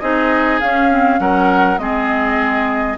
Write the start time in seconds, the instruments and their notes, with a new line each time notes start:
0.00 bassoon C4, clarinet D#4, oboe G#4, flute D#5
0.60 bassoon C#4, clarinet C#4, flute F5
0.92 clarinet C4
1.18 bassoon F#3, clarinet C#4, oboe A#4, flute F#5
1.78 bassoon G#3, clarinet C4, oboe G#4, flute D#5